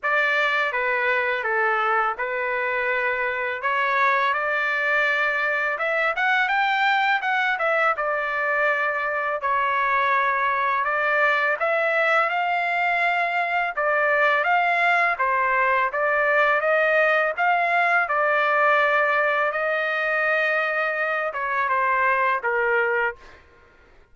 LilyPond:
\new Staff \with { instrumentName = "trumpet" } { \time 4/4 \tempo 4 = 83 d''4 b'4 a'4 b'4~ | b'4 cis''4 d''2 | e''8 fis''8 g''4 fis''8 e''8 d''4~ | d''4 cis''2 d''4 |
e''4 f''2 d''4 | f''4 c''4 d''4 dis''4 | f''4 d''2 dis''4~ | dis''4. cis''8 c''4 ais'4 | }